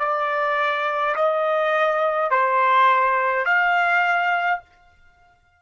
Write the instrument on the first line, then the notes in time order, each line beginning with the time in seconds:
trumpet
0.00 D5
1.16 D#5
2.31 C5
3.46 F5